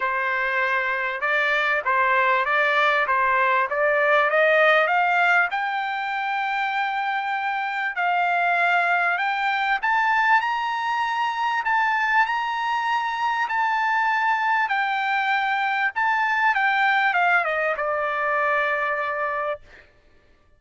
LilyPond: \new Staff \with { instrumentName = "trumpet" } { \time 4/4 \tempo 4 = 98 c''2 d''4 c''4 | d''4 c''4 d''4 dis''4 | f''4 g''2.~ | g''4 f''2 g''4 |
a''4 ais''2 a''4 | ais''2 a''2 | g''2 a''4 g''4 | f''8 dis''8 d''2. | }